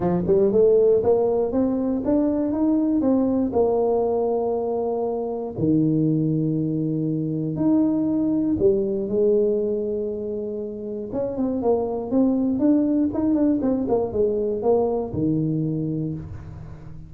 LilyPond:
\new Staff \with { instrumentName = "tuba" } { \time 4/4 \tempo 4 = 119 f8 g8 a4 ais4 c'4 | d'4 dis'4 c'4 ais4~ | ais2. dis4~ | dis2. dis'4~ |
dis'4 g4 gis2~ | gis2 cis'8 c'8 ais4 | c'4 d'4 dis'8 d'8 c'8 ais8 | gis4 ais4 dis2 | }